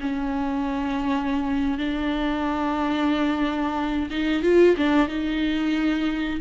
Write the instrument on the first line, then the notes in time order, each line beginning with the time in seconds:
viola
0.00 C#4
1.78 D4
4.10 D#4
4.42 F4
4.77 D4
5.08 D#4